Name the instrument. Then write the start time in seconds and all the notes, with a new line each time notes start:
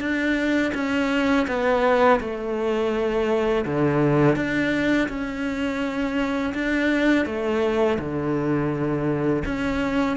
cello
0.00 D4
0.74 C#4
1.47 B3
2.20 A3
3.65 D3
4.36 D4
5.09 C#4
6.54 D4
7.26 A3
7.99 D3
9.45 C#4